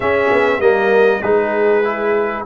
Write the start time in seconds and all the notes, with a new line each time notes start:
0.00 C#4 G#4 E5
0.30 B3
0.60 G3 A#3 A#4 D#5
1.22 G#3 D#4 G#4 B4
1.83 E4